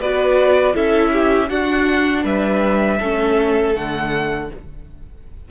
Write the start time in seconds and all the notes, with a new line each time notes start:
0.00 B3 F#4 B4 D5
0.74 C#4 E4 A4 E5
1.12 G4
1.50 D4 F#4 F#5
2.24 G3 B4 E5
2.99 A3 C#4 A4
3.74 D3 A3 F#5